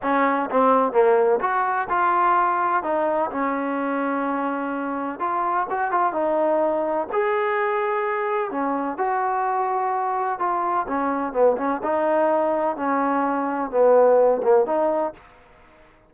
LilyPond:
\new Staff \with { instrumentName = "trombone" } { \time 4/4 \tempo 4 = 127 cis'4 c'4 ais4 fis'4 | f'2 dis'4 cis'4~ | cis'2. f'4 | fis'8 f'8 dis'2 gis'4~ |
gis'2 cis'4 fis'4~ | fis'2 f'4 cis'4 | b8 cis'8 dis'2 cis'4~ | cis'4 b4. ais8 dis'4 | }